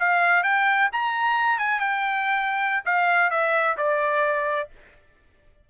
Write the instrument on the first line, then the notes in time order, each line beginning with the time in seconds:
trumpet
0.00 F5
0.44 G5
0.93 A#5
1.59 G#5
1.80 G5
2.86 F5
3.31 E5
3.77 D5